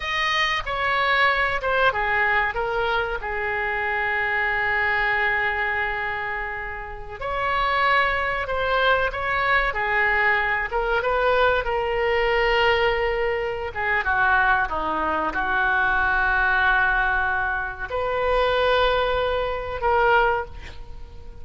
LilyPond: \new Staff \with { instrumentName = "oboe" } { \time 4/4 \tempo 4 = 94 dis''4 cis''4. c''8 gis'4 | ais'4 gis'2.~ | gis'2.~ gis'16 cis''8.~ | cis''4~ cis''16 c''4 cis''4 gis'8.~ |
gis'8. ais'8 b'4 ais'4.~ ais'16~ | ais'4. gis'8 fis'4 dis'4 | fis'1 | b'2. ais'4 | }